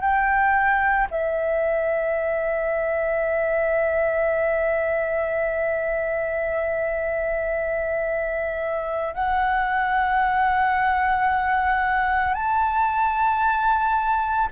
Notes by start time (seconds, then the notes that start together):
0.00 G5
1.11 E5
9.14 F#5
12.34 A5